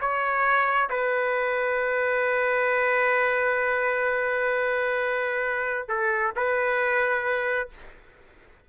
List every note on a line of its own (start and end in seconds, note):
0.00 0.89 C#5
0.89 5.88 B4
5.88 6.33 A4
6.36 7.69 B4